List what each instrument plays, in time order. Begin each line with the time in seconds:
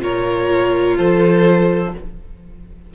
0.00 cello A#2, viola F4, violin A#4 C#5
0.97 cello F3, violin A4 C5